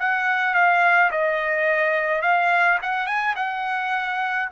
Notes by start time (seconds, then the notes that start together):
0.00 F#5
0.55 F5
1.12 D#5
2.22 F5
2.83 F#5
3.07 G#5
3.36 F#5